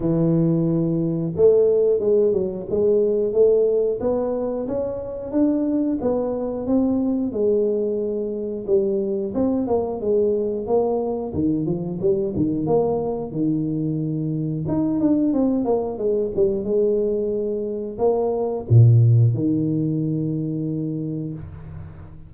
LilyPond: \new Staff \with { instrumentName = "tuba" } { \time 4/4 \tempo 4 = 90 e2 a4 gis8 fis8 | gis4 a4 b4 cis'4 | d'4 b4 c'4 gis4~ | gis4 g4 c'8 ais8 gis4 |
ais4 dis8 f8 g8 dis8 ais4 | dis2 dis'8 d'8 c'8 ais8 | gis8 g8 gis2 ais4 | ais,4 dis2. | }